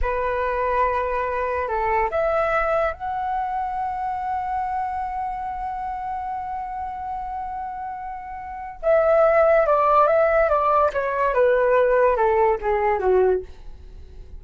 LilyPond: \new Staff \with { instrumentName = "flute" } { \time 4/4 \tempo 4 = 143 b'1 | a'4 e''2 fis''4~ | fis''1~ | fis''1~ |
fis''1~ | fis''4 e''2 d''4 | e''4 d''4 cis''4 b'4~ | b'4 a'4 gis'4 fis'4 | }